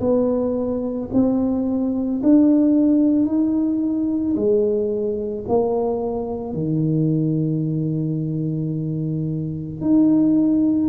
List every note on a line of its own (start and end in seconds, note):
0.00 1.09 B3
1.13 2.22 C4
2.23 3.25 D4
3.25 4.34 D#4
4.36 5.45 G#3
5.48 6.53 A#3
6.53 9.80 D#3
9.80 10.89 D#4